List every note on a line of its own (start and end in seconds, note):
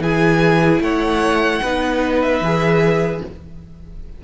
0.00 0.80 E3
0.00 1.63 E4
0.00 0.83 G#4
0.00 0.83 G#5
0.81 1.61 A3
0.81 1.62 C#5
0.81 2.22 F#5
1.62 2.41 B3
1.62 2.45 D#4
1.62 3.22 B4
2.22 3.22 E5
2.41 3.21 E3
2.41 3.25 G#4